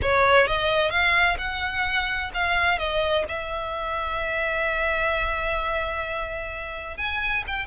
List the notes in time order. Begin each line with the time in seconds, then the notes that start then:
0.02 C#5
0.47 D#5
0.90 F5
1.37 F#5
2.34 F5
2.78 D#5
3.28 E5
6.97 G#5
7.47 G5